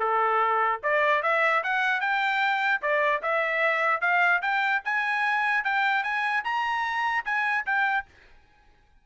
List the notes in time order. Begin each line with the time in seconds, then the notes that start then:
0.00 A4
0.83 D5
1.23 E5
1.64 F#5
2.01 G5
2.82 D5
3.23 E5
4.01 F5
4.42 G5
4.85 G#5
5.65 G5
6.04 G#5
6.44 A#5
7.25 G#5
7.66 G5